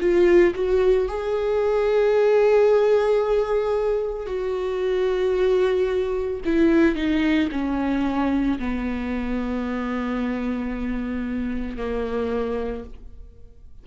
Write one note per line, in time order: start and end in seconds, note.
0.00 0.54 F4
0.55 1.08 F#4
1.08 4.26 G#4
4.26 6.40 F#4
6.45 6.95 E4
6.95 7.49 D#4
7.51 8.58 C#4
8.59 11.77 B3
11.77 12.84 A#3